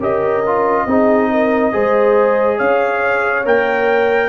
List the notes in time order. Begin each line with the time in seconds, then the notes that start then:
0.00 C#4 G4 A#4 D#5
0.47 F4
0.87 C4 D#4 G#4
1.31 A#4
1.73 G#3 G#4 C5
2.58 C#4 C#5 F5
3.45 A#3 A#4 G5